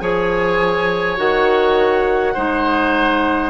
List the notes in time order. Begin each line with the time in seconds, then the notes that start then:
0.00 F3 G#4 C#5 G#5
1.17 D#3 F#4 F#5
2.34 G#3 D#4 C5